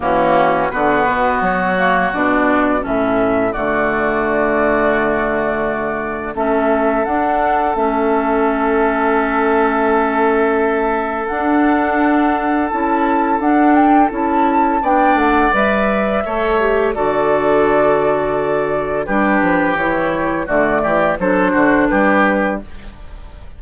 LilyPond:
<<
  \new Staff \with { instrumentName = "flute" } { \time 4/4 \tempo 4 = 85 fis'4 b'4 cis''4 d''4 | e''4 d''2.~ | d''4 e''4 fis''4 e''4~ | e''1 |
fis''2 a''4 fis''8 g''8 | a''4 g''8 fis''8 e''2 | d''2. b'4 | cis''4 d''4 c''4 b'4 | }
  \new Staff \with { instrumentName = "oboe" } { \time 4/4 cis'4 fis'2. | a'4 fis'2.~ | fis'4 a'2.~ | a'1~ |
a'1~ | a'4 d''2 cis''4 | a'2. g'4~ | g'4 fis'8 g'8 a'8 fis'8 g'4 | }
  \new Staff \with { instrumentName = "clarinet" } { \time 4/4 ais4 b4. ais8 d'4 | cis'4 a2.~ | a4 cis'4 d'4 cis'4~ | cis'1 |
d'2 e'4 d'4 | e'4 d'4 b'4 a'8 g'8 | fis'2. d'4 | e'4 a4 d'2 | }
  \new Staff \with { instrumentName = "bassoon" } { \time 4/4 e4 d8 b,8 fis4 b,4 | a,4 d2.~ | d4 a4 d'4 a4~ | a1 |
d'2 cis'4 d'4 | cis'4 b8 a8 g4 a4 | d2. g8 f8 | e4 d8 e8 fis8 d8 g4 | }
>>